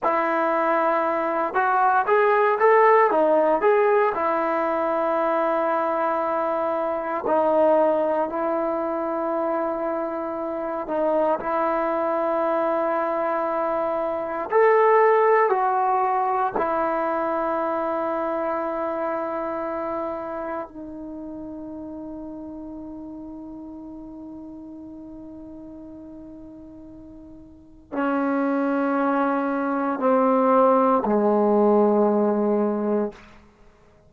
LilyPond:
\new Staff \with { instrumentName = "trombone" } { \time 4/4 \tempo 4 = 58 e'4. fis'8 gis'8 a'8 dis'8 gis'8 | e'2. dis'4 | e'2~ e'8 dis'8 e'4~ | e'2 a'4 fis'4 |
e'1 | dis'1~ | dis'2. cis'4~ | cis'4 c'4 gis2 | }